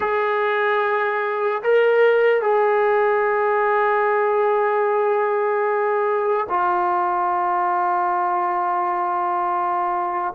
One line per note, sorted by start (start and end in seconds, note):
0.00 1.62 G#4
1.63 2.41 A#4
2.41 6.47 G#4
6.49 10.34 F4